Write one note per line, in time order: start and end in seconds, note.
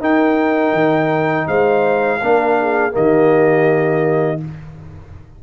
0.00 0.72 D#4
0.00 2.20 D#4
0.00 1.47 A#4
0.00 1.48 G5
0.72 1.46 D#3
1.47 2.21 G#3
1.47 2.20 C5
1.47 2.94 F5
2.22 2.95 A#3
2.22 2.91 D4
2.22 2.58 A#4
2.61 2.94 G#4
2.91 4.43 D#3
2.91 4.37 A#3
2.91 4.41 G4
2.91 4.41 D#5